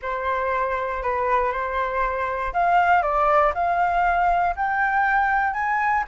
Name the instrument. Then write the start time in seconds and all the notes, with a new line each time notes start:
flute
0.02 C5
1.02 B4
1.51 C5
2.53 F5
3.02 D5
3.54 F5
4.55 G5
5.53 G#5